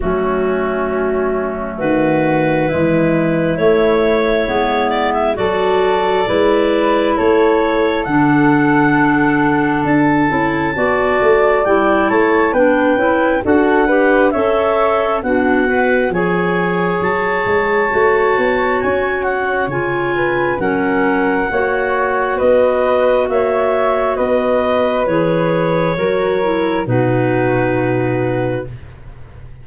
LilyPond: <<
  \new Staff \with { instrumentName = "clarinet" } { \time 4/4 \tempo 4 = 67 fis'2 b'2 | cis''4. d''16 e''16 d''2 | cis''4 fis''2 a''4~ | a''4 g''8 a''8 g''4 fis''4 |
e''4 fis''4 gis''4 a''4~ | a''4 gis''8 fis''8 gis''4 fis''4~ | fis''4 dis''4 e''4 dis''4 | cis''2 b'2 | }
  \new Staff \with { instrumentName = "flute" } { \time 4/4 cis'2 fis'4 e'4~ | e'2 a'4 b'4 | a'1 | d''4. cis''8 b'4 a'8 b'8 |
cis''4 fis'4 cis''2~ | cis''2~ cis''8 b'8 ais'4 | cis''4 b'4 cis''4 b'4~ | b'4 ais'4 fis'2 | }
  \new Staff \with { instrumentName = "clarinet" } { \time 4/4 a2. gis4 | a4 b4 fis'4 e'4~ | e'4 d'2~ d'8 e'8 | fis'4 e'4 d'8 e'8 fis'8 g'8 |
a'4 d'8 b'8 gis'2 | fis'2 f'4 cis'4 | fis'1 | gis'4 fis'8 e'8 dis'2 | }
  \new Staff \with { instrumentName = "tuba" } { \time 4/4 fis2 dis4 e4 | a4 gis4 fis4 gis4 | a4 d2 d'8 cis'8 | b8 a8 g8 a8 b8 cis'8 d'4 |
cis'4 b4 f4 fis8 gis8 | a8 b8 cis'4 cis4 fis4 | ais4 b4 ais4 b4 | e4 fis4 b,2 | }
>>